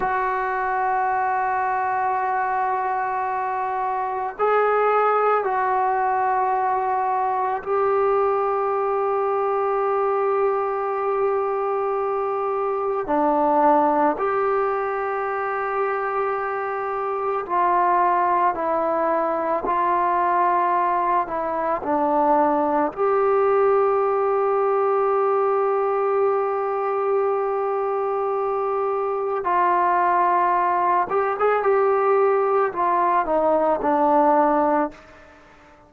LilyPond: \new Staff \with { instrumentName = "trombone" } { \time 4/4 \tempo 4 = 55 fis'1 | gis'4 fis'2 g'4~ | g'1 | d'4 g'2. |
f'4 e'4 f'4. e'8 | d'4 g'2.~ | g'2. f'4~ | f'8 g'16 gis'16 g'4 f'8 dis'8 d'4 | }